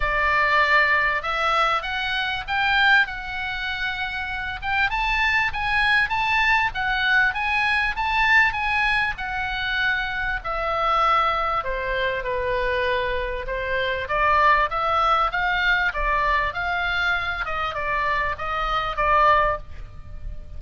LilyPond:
\new Staff \with { instrumentName = "oboe" } { \time 4/4 \tempo 4 = 98 d''2 e''4 fis''4 | g''4 fis''2~ fis''8 g''8 | a''4 gis''4 a''4 fis''4 | gis''4 a''4 gis''4 fis''4~ |
fis''4 e''2 c''4 | b'2 c''4 d''4 | e''4 f''4 d''4 f''4~ | f''8 dis''8 d''4 dis''4 d''4 | }